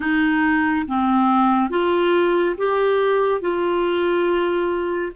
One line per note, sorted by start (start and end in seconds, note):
0.00 0.86 D#4
0.87 1.69 C4
1.69 2.55 F4
2.57 3.41 G4
3.41 5.12 F4